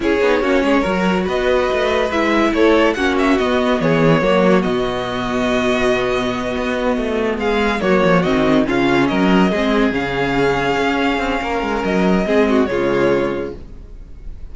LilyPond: <<
  \new Staff \with { instrumentName = "violin" } { \time 4/4 \tempo 4 = 142 cis''2. dis''4~ | dis''4 e''4 cis''4 fis''8 e''8 | dis''4 cis''2 dis''4~ | dis''1~ |
dis''4. f''4 cis''4 dis''8~ | dis''8 f''4 dis''2 f''8~ | f''1 | dis''2 cis''2 | }
  \new Staff \with { instrumentName = "violin" } { \time 4/4 gis'4 fis'8 gis'8 ais'4 b'4~ | b'2 a'4 fis'4~ | fis'4 gis'4 fis'2~ | fis'1~ |
fis'4. gis'4 fis'4.~ | fis'8 f'4 ais'4 gis'4.~ | gis'2. ais'4~ | ais'4 gis'8 fis'8 f'2 | }
  \new Staff \with { instrumentName = "viola" } { \time 4/4 e'8 dis'8 cis'4 fis'2~ | fis'4 e'2 cis'4 | b2 ais4 b4~ | b1~ |
b2~ b8 ais4 c'8~ | c'8 cis'2 c'4 cis'8~ | cis'1~ | cis'4 c'4 gis2 | }
  \new Staff \with { instrumentName = "cello" } { \time 4/4 cis'8 b8 ais8 gis8 fis4 b4 | a4 gis4 a4 ais4 | b4 e4 fis4 b,4~ | b,2.~ b,8 b8~ |
b8 a4 gis4 fis8 f8 dis8~ | dis8 cis4 fis4 gis4 cis8~ | cis4. cis'4 c'8 ais8 gis8 | fis4 gis4 cis2 | }
>>